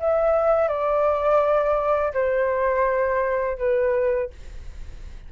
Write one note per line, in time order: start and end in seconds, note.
0.00 0.68 E5
0.68 2.13 D5
2.14 3.58 C5
3.58 4.30 B4